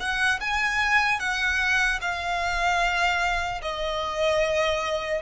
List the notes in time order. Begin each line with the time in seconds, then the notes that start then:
0.00 F#5
0.41 G#5
1.20 F#5
2.01 F5
3.63 D#5